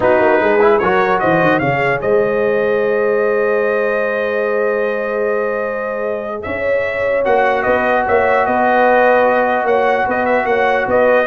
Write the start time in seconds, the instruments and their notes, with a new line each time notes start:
0.00 tuba B3, trombone D#4, horn F#4, trumpet B4
0.20 tuba A#3
0.40 tuba G#3, horn G#4
0.60 trombone E4
0.78 tuba F#3, trombone F#4, horn A#4, trumpet C#5
1.19 tuba E3, horn C5, trumpet D#5
1.42 tuba D#3
1.59 tuba C#3, trombone G#4, horn C#5, trumpet F5
2.01 tuba G#3, horn C5, trumpet D#5
6.42 tuba C#4, horn C#5, trumpet E5
7.24 tuba A#3, trombone F#4, trumpet F#5
7.63 tuba B3, horn B4, trumpet D#5
8.05 tuba A#3, horn C#5, trumpet E5
8.46 tuba B3, horn B4, trumpet D#5
9.63 tuba A#3, horn C#5, trumpet F#5
10.06 tuba B3, horn B4, trumpet D#5
10.25 trumpet E5
10.44 tuba A#3, horn C#5, trumpet F#5
10.87 tuba B3, horn B4, trumpet D#5